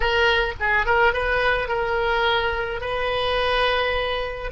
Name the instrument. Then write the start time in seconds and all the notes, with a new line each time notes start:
oboe
0.00 A#4
0.59 G#4
0.86 A#4
1.13 B4
1.68 A#4
2.80 B4